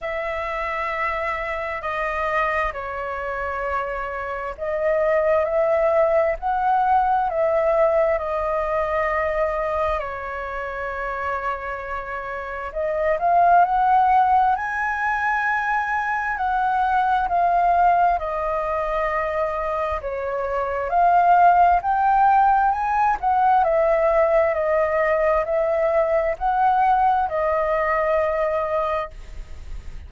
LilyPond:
\new Staff \with { instrumentName = "flute" } { \time 4/4 \tempo 4 = 66 e''2 dis''4 cis''4~ | cis''4 dis''4 e''4 fis''4 | e''4 dis''2 cis''4~ | cis''2 dis''8 f''8 fis''4 |
gis''2 fis''4 f''4 | dis''2 cis''4 f''4 | g''4 gis''8 fis''8 e''4 dis''4 | e''4 fis''4 dis''2 | }